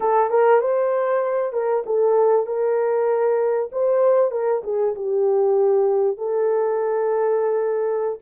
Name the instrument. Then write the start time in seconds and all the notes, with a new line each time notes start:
horn
0.00 A4
0.30 A#4
0.60 C5
1.52 A#4
1.86 A4
2.46 A#4
3.71 C5
4.31 A#4
4.63 G#4
4.95 G4
6.17 A4